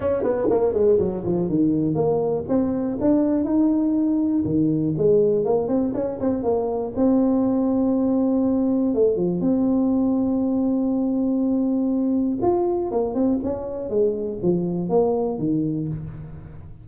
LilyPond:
\new Staff \with { instrumentName = "tuba" } { \time 4/4 \tempo 4 = 121 cis'8 b8 ais8 gis8 fis8 f8 dis4 | ais4 c'4 d'4 dis'4~ | dis'4 dis4 gis4 ais8 c'8 | cis'8 c'8 ais4 c'2~ |
c'2 a8 f8 c'4~ | c'1~ | c'4 f'4 ais8 c'8 cis'4 | gis4 f4 ais4 dis4 | }